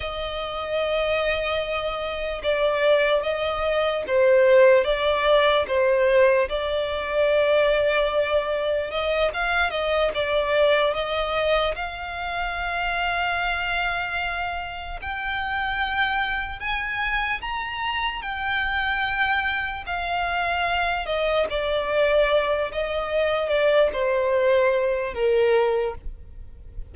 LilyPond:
\new Staff \with { instrumentName = "violin" } { \time 4/4 \tempo 4 = 74 dis''2. d''4 | dis''4 c''4 d''4 c''4 | d''2. dis''8 f''8 | dis''8 d''4 dis''4 f''4.~ |
f''2~ f''8 g''4.~ | g''8 gis''4 ais''4 g''4.~ | g''8 f''4. dis''8 d''4. | dis''4 d''8 c''4. ais'4 | }